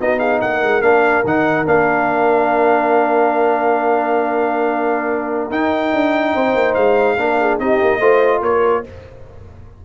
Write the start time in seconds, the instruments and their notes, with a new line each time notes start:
0.00 tuba B3, trombone D#4, horn F#4, trumpet D#5
0.19 horn G#4, trumpet F5
0.41 tuba A#3, horn A#4, trumpet F#5
0.63 tuba G#3
0.81 tuba A#3, trombone D4, trumpet F5
1.25 tuba D#3, trombone D#4, trumpet F#5
1.65 tuba A#3, trombone D4, trumpet F5
5.51 tuba D#4, trombone D#4, trumpet G5
5.93 tuba D4
6.35 tuba C4, horn C5
6.55 tuba A#3
6.75 tuba G#3, trumpet F5
7.17 tuba A#3, trombone D4, horn A#4
7.41 horn G#4
7.60 tuba C4, trombone D#4, horn G4, trumpet D#5
7.81 tuba A#3
8.00 tuba A3, trombone F4, horn C5
8.41 tuba A#3, horn A#4, trumpet C#5